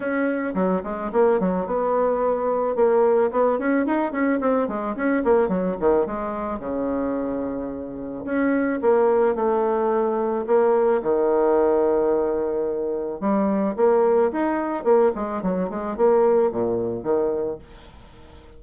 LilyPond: \new Staff \with { instrumentName = "bassoon" } { \time 4/4 \tempo 4 = 109 cis'4 fis8 gis8 ais8 fis8 b4~ | b4 ais4 b8 cis'8 dis'8 cis'8 | c'8 gis8 cis'8 ais8 fis8 dis8 gis4 | cis2. cis'4 |
ais4 a2 ais4 | dis1 | g4 ais4 dis'4 ais8 gis8 | fis8 gis8 ais4 ais,4 dis4 | }